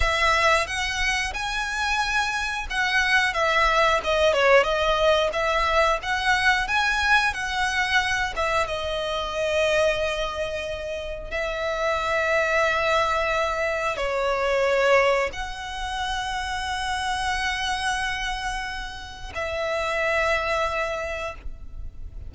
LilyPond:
\new Staff \with { instrumentName = "violin" } { \time 4/4 \tempo 4 = 90 e''4 fis''4 gis''2 | fis''4 e''4 dis''8 cis''8 dis''4 | e''4 fis''4 gis''4 fis''4~ | fis''8 e''8 dis''2.~ |
dis''4 e''2.~ | e''4 cis''2 fis''4~ | fis''1~ | fis''4 e''2. | }